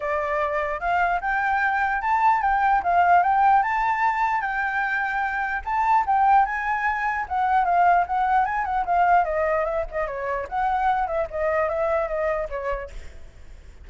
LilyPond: \new Staff \with { instrumentName = "flute" } { \time 4/4 \tempo 4 = 149 d''2 f''4 g''4~ | g''4 a''4 g''4 f''4 | g''4 a''2 g''4~ | g''2 a''4 g''4 |
gis''2 fis''4 f''4 | fis''4 gis''8 fis''8 f''4 dis''4 | e''8 dis''8 cis''4 fis''4. e''8 | dis''4 e''4 dis''4 cis''4 | }